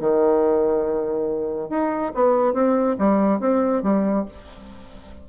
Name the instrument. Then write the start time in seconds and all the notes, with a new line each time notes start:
bassoon
0.00 D#3
1.70 D#4
2.15 B3
2.54 C4
2.98 G3
3.40 C4
3.83 G3